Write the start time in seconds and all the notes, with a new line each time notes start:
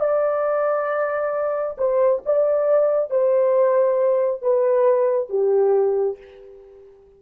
0.00 D5
1.78 C5
2.25 D5
3.10 C5
4.42 B4
5.29 G4